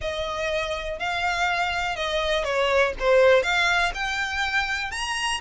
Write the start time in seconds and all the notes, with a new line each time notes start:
0.01 D#5
0.99 F5
1.96 D#5
2.44 C#5
2.99 C5
3.42 F5
3.94 G5
4.91 A#5